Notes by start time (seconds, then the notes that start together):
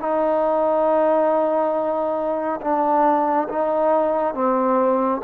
0.00 D#4
2.61 D4
3.49 D#4
4.35 C4